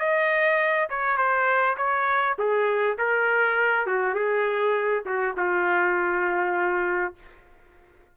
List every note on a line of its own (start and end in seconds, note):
0.00 0.89 D#5
0.90 1.17 C#5
1.17 1.77 C5
1.77 2.37 C#5
2.38 2.98 G#4
2.98 3.87 A#4
3.87 4.15 F#4
4.15 5.04 G#4
5.06 5.35 F#4
5.37 7.15 F4